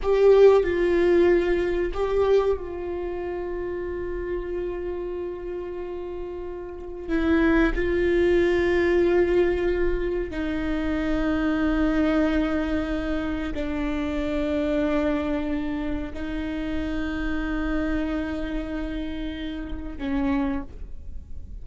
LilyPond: \new Staff \with { instrumentName = "viola" } { \time 4/4 \tempo 4 = 93 g'4 f'2 g'4 | f'1~ | f'2. e'4 | f'1 |
dis'1~ | dis'4 d'2.~ | d'4 dis'2.~ | dis'2. cis'4 | }